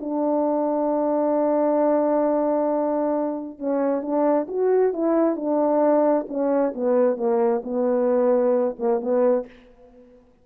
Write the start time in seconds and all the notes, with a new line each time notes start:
0.00 D4
3.59 C#4
4.02 D4
4.48 F#4
4.93 E4
5.36 D4
6.28 C#4
6.75 B3
7.17 A#3
7.64 B3
8.79 A#3
9.01 B3